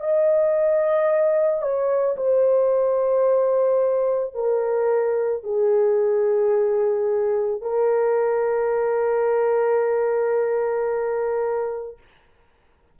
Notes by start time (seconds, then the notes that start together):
0.00 D#5
1.62 C#5
2.16 C5
4.34 A#4
5.43 G#4
7.61 A#4